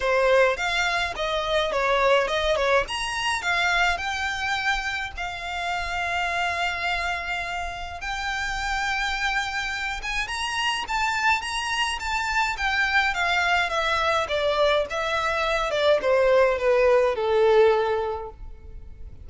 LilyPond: \new Staff \with { instrumentName = "violin" } { \time 4/4 \tempo 4 = 105 c''4 f''4 dis''4 cis''4 | dis''8 cis''8 ais''4 f''4 g''4~ | g''4 f''2.~ | f''2 g''2~ |
g''4. gis''8 ais''4 a''4 | ais''4 a''4 g''4 f''4 | e''4 d''4 e''4. d''8 | c''4 b'4 a'2 | }